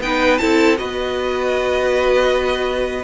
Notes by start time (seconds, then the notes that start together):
0.00 B3 D#4 B4 G5
0.38 C4 E4 A4 A5
0.77 B3 F#4 B4 D#5